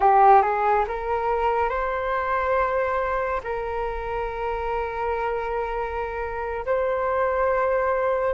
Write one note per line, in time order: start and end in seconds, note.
0.00 0.42 G4
0.42 0.85 G#4
0.87 1.69 A#4
1.69 3.41 C5
3.43 6.65 A#4
6.65 8.34 C5